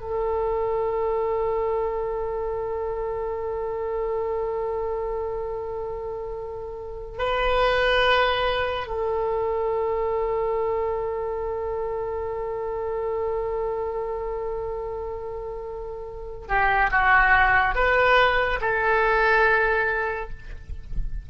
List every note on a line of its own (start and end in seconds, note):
0.00 7.18 A4
7.18 8.87 B4
8.87 16.47 A4
16.48 16.90 G4
16.91 17.75 F#4
17.75 18.59 B4
18.61 20.30 A4